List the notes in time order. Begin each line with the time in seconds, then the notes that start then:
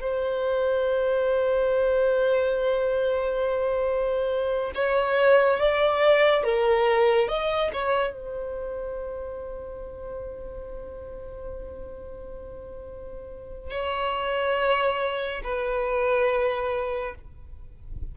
0.00 C5
4.75 C#5
5.59 D5
6.44 A#4
7.28 D#5
7.73 C#5
8.14 C5
13.70 C#5
15.43 B4